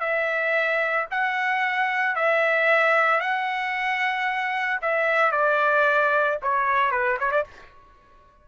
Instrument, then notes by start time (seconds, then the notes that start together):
trumpet
0.00 E5
1.11 F#5
2.16 E5
3.21 F#5
4.81 E5
5.32 D5
6.42 C#5
6.91 B4
7.19 C#5
7.31 D5